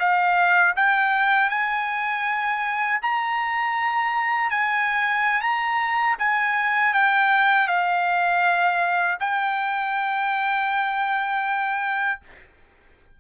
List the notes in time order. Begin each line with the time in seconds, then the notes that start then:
0.00 F5
0.76 G5
1.50 G#5
3.02 A#5
4.51 G#5
5.41 A#5
6.19 G#5
6.94 G5
7.68 F5
9.20 G5